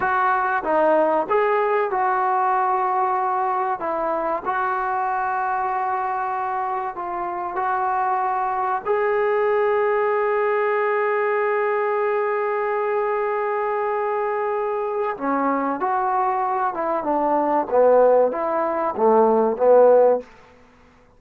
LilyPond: \new Staff \with { instrumentName = "trombone" } { \time 4/4 \tempo 4 = 95 fis'4 dis'4 gis'4 fis'4~ | fis'2 e'4 fis'4~ | fis'2. f'4 | fis'2 gis'2~ |
gis'1~ | gis'1 | cis'4 fis'4. e'8 d'4 | b4 e'4 a4 b4 | }